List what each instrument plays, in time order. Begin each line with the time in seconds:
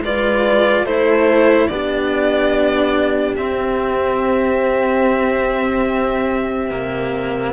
0.00 cello G#3 F4, horn B4, violin D5
0.84 cello A3 E4, horn A4, violin C5
1.67 cello B3 D4, horn G4, violin D5
3.36 cello C4, violin E5
6.70 cello C3 A#3